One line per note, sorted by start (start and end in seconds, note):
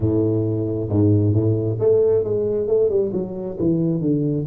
0.00 0.89 A2
0.89 1.33 G#2
1.33 1.78 A2
1.79 2.24 A3
2.24 2.67 G#3
2.67 2.89 A3
2.89 3.12 G3
3.12 3.57 F#3
3.59 4.01 E3
4.01 4.45 D3